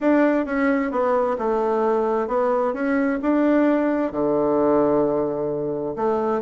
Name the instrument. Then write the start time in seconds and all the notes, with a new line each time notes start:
bassoon
0.00 D4
0.45 C#4
0.91 B3
1.38 A3
2.27 B3
2.73 C#4
3.22 D4
4.11 D3
5.95 A3